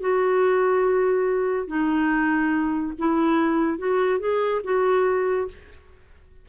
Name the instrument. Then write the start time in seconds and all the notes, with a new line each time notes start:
clarinet
0.00 F#4
1.67 D#4
2.99 E4
3.78 F#4
4.19 G#4
4.64 F#4